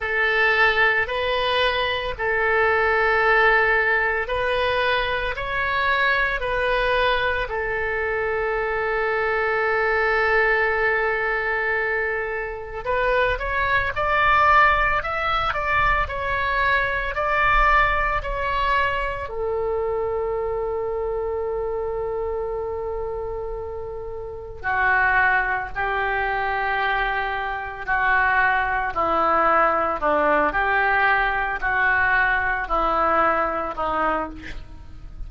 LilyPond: \new Staff \with { instrumentName = "oboe" } { \time 4/4 \tempo 4 = 56 a'4 b'4 a'2 | b'4 cis''4 b'4 a'4~ | a'1 | b'8 cis''8 d''4 e''8 d''8 cis''4 |
d''4 cis''4 a'2~ | a'2. fis'4 | g'2 fis'4 e'4 | d'8 g'4 fis'4 e'4 dis'8 | }